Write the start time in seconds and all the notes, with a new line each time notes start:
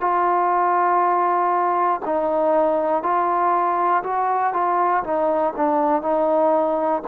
0.00 F4
2.05 D#4
3.02 F4
4.03 F#4
4.53 F4
5.03 D#4
5.56 D4
6.02 D#4